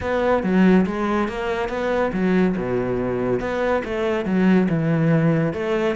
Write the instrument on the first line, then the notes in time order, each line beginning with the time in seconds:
cello
0.00 B3
0.43 F#3
0.85 G#3
1.28 A#3
1.68 B3
2.13 F#3
2.56 B2
3.39 B3
3.84 A3
4.25 F#3
4.69 E3
5.53 A3